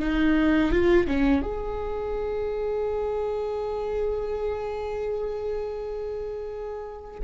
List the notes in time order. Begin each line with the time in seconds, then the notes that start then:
0.00 D#4
0.72 F4
1.08 C#4
1.42 G#4